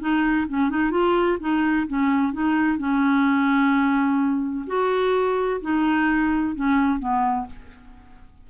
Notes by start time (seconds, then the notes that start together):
0.00 D#4
0.48 C#4
0.69 D#4
0.91 F4
1.40 D#4
1.87 C#4
2.33 D#4
2.78 C#4
4.67 F#4
5.61 D#4
6.55 C#4
6.99 B3